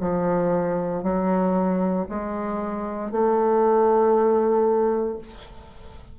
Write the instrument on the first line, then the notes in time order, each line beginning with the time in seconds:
bassoon
0.00 F3
1.03 F#3
2.09 G#3
3.11 A3